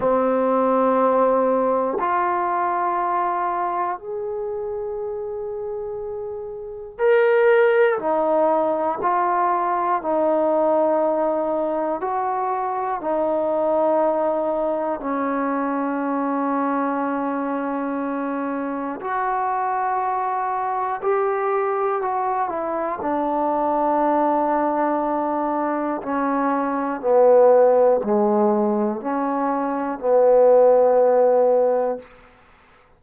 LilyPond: \new Staff \with { instrumentName = "trombone" } { \time 4/4 \tempo 4 = 60 c'2 f'2 | gis'2. ais'4 | dis'4 f'4 dis'2 | fis'4 dis'2 cis'4~ |
cis'2. fis'4~ | fis'4 g'4 fis'8 e'8 d'4~ | d'2 cis'4 b4 | gis4 cis'4 b2 | }